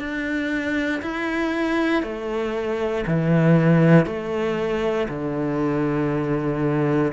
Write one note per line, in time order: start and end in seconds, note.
0.00 1.02 D4
1.02 2.03 E4
2.03 3.05 A3
3.07 4.06 E3
4.06 5.08 A3
5.09 7.13 D3